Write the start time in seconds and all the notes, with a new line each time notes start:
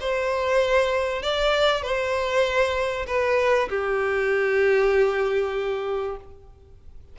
0.00 C5
1.22 D5
1.82 C5
3.07 B4
3.69 G4